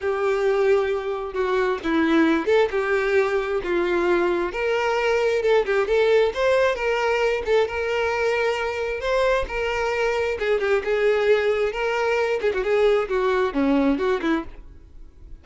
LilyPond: \new Staff \with { instrumentName = "violin" } { \time 4/4 \tempo 4 = 133 g'2. fis'4 | e'4. a'8 g'2 | f'2 ais'2 | a'8 g'8 a'4 c''4 ais'4~ |
ais'8 a'8 ais'2. | c''4 ais'2 gis'8 g'8 | gis'2 ais'4. gis'16 fis'16 | gis'4 fis'4 cis'4 fis'8 e'8 | }